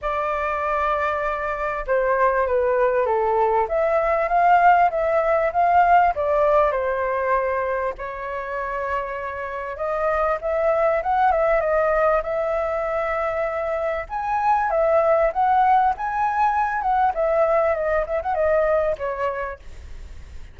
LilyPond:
\new Staff \with { instrumentName = "flute" } { \time 4/4 \tempo 4 = 98 d''2. c''4 | b'4 a'4 e''4 f''4 | e''4 f''4 d''4 c''4~ | c''4 cis''2. |
dis''4 e''4 fis''8 e''8 dis''4 | e''2. gis''4 | e''4 fis''4 gis''4. fis''8 | e''4 dis''8 e''16 fis''16 dis''4 cis''4 | }